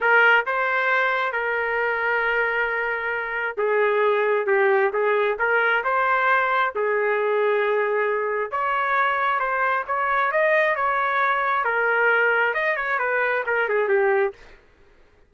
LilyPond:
\new Staff \with { instrumentName = "trumpet" } { \time 4/4 \tempo 4 = 134 ais'4 c''2 ais'4~ | ais'1 | gis'2 g'4 gis'4 | ais'4 c''2 gis'4~ |
gis'2. cis''4~ | cis''4 c''4 cis''4 dis''4 | cis''2 ais'2 | dis''8 cis''8 b'4 ais'8 gis'8 g'4 | }